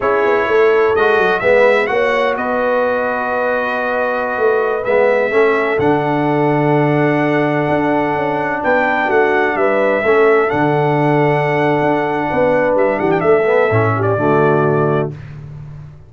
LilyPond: <<
  \new Staff \with { instrumentName = "trumpet" } { \time 4/4 \tempo 4 = 127 cis''2 dis''4 e''4 | fis''4 dis''2.~ | dis''2~ dis''16 e''4.~ e''16~ | e''16 fis''2.~ fis''8.~ |
fis''2~ fis''16 g''4 fis''8.~ | fis''16 e''2 fis''4.~ fis''16~ | fis''2. e''8 fis''16 g''16 | e''4.~ e''16 d''2~ d''16 | }
  \new Staff \with { instrumentName = "horn" } { \time 4/4 gis'4 a'2 b'4 | cis''4 b'2.~ | b'2.~ b'16 a'8.~ | a'1~ |
a'2~ a'16 b'4 fis'8.~ | fis'16 b'4 a'2~ a'8.~ | a'2 b'4. g'8 | a'4. g'8 fis'2 | }
  \new Staff \with { instrumentName = "trombone" } { \time 4/4 e'2 fis'4 b4 | fis'1~ | fis'2~ fis'16 b4 cis'8.~ | cis'16 d'2.~ d'8.~ |
d'1~ | d'4~ d'16 cis'4 d'4.~ d'16~ | d'1~ | d'8 b8 cis'4 a2 | }
  \new Staff \with { instrumentName = "tuba" } { \time 4/4 cis'8 b8 a4 gis8 fis8 gis4 | ais4 b2.~ | b4~ b16 a4 gis4 a8.~ | a16 d2.~ d8.~ |
d16 d'4 cis'4 b4 a8.~ | a16 g4 a4 d4.~ d16~ | d4 d'4 b4 g8 e8 | a4 a,4 d2 | }
>>